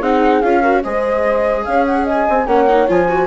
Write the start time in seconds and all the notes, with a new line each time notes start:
0.00 C4 D#4 G#4 F#5
0.42 C#4 F4 F5
0.62 F#4 A#4
0.83 G#3 G#4 C5 D#5
1.65 C#4 C#5 F5
1.86 F#5
2.04 D#5 G#5
2.29 C4
2.45 A#3 C#4 C#5 F#5
2.69 D#4
2.88 F3 F4 G#5
3.08 F#4 C5